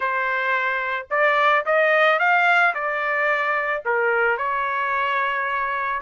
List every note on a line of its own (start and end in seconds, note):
0.00 1.06 C5
1.10 1.64 D5
1.65 2.19 D#5
2.19 2.73 F5
2.74 3.83 D5
3.85 4.37 A#4
4.37 6.01 C#5